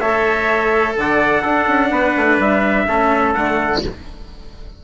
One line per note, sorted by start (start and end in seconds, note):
0.00 0.95 A3
0.00 1.44 A4
0.00 0.96 C#5
0.00 0.95 E5
0.96 1.43 D3
0.96 1.42 D5
0.96 2.40 F#5
1.42 1.67 D4
1.42 2.87 D4
1.42 1.89 A4
1.68 1.90 C#4
1.90 2.14 B3
1.90 2.87 B4
2.16 2.39 A3
2.39 2.86 G3
2.39 3.34 E5
2.88 3.36 A3
2.88 3.35 C#4
2.88 3.83 A4
3.34 3.83 D3
3.34 3.84 A3
3.34 3.81 F#5